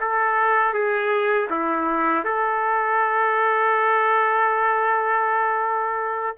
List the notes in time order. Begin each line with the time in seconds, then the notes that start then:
0.00 A4
0.73 G#4
1.50 E4
2.24 A4